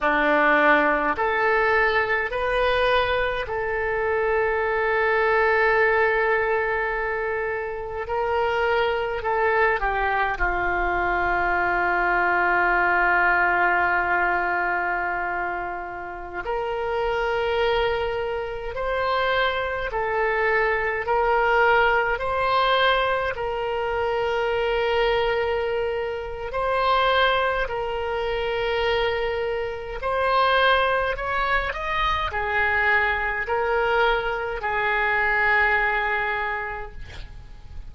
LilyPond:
\new Staff \with { instrumentName = "oboe" } { \time 4/4 \tempo 4 = 52 d'4 a'4 b'4 a'4~ | a'2. ais'4 | a'8 g'8 f'2.~ | f'2~ f'16 ais'4.~ ais'16~ |
ais'16 c''4 a'4 ais'4 c''8.~ | c''16 ais'2~ ais'8. c''4 | ais'2 c''4 cis''8 dis''8 | gis'4 ais'4 gis'2 | }